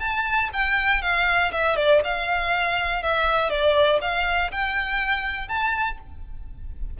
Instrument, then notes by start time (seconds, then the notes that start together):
violin
0.00 A5
0.53 G5
1.02 F5
1.52 E5
1.76 D5
2.04 F5
3.03 E5
3.50 D5
4.01 F5
4.51 G5
5.48 A5